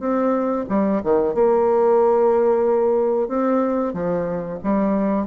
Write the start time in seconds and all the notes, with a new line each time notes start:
0.00 C4
0.69 G3
1.03 D#3
1.34 A#3
3.28 C4
3.93 F3
4.63 G3